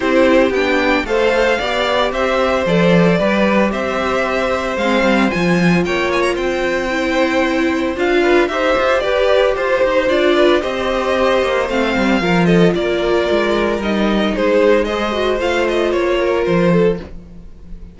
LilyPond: <<
  \new Staff \with { instrumentName = "violin" } { \time 4/4 \tempo 4 = 113 c''4 g''4 f''2 | e''4 d''2 e''4~ | e''4 f''4 gis''4 g''8 gis''16 ais''16 | g''2. f''4 |
e''4 d''4 c''4 d''4 | dis''2 f''4. dis''8 | d''2 dis''4 c''4 | dis''4 f''8 dis''8 cis''4 c''4 | }
  \new Staff \with { instrumentName = "violin" } { \time 4/4 g'2 c''4 d''4 | c''2 b'4 c''4~ | c''2. cis''4 | c''2.~ c''8 b'8 |
c''4 b'4 c''4. b'8 | c''2. ais'8 a'8 | ais'2. gis'4 | c''2~ c''8 ais'4 a'8 | }
  \new Staff \with { instrumentName = "viola" } { \time 4/4 e'4 d'4 a'4 g'4~ | g'4 a'4 g'2~ | g'4 c'4 f'2~ | f'4 e'2 f'4 |
g'2. f'4 | g'2 c'4 f'4~ | f'2 dis'2 | gis'8 fis'8 f'2. | }
  \new Staff \with { instrumentName = "cello" } { \time 4/4 c'4 b4 a4 b4 | c'4 f4 g4 c'4~ | c'4 gis8 g8 f4 ais4 | c'2. d'4 |
dis'8 f'8 g'4 f'8 dis'8 d'4 | c'4. ais8 a8 g8 f4 | ais4 gis4 g4 gis4~ | gis4 a4 ais4 f4 | }
>>